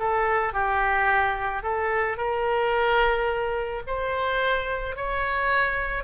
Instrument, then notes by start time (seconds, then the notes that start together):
oboe
0.00 A4
0.54 G4
1.63 A4
2.17 A#4
3.87 C5
4.96 C#5